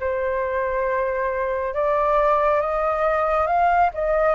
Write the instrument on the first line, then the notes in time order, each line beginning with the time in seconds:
flute
0.00 C5
1.74 D5
2.61 D#5
3.47 F5
3.94 D#5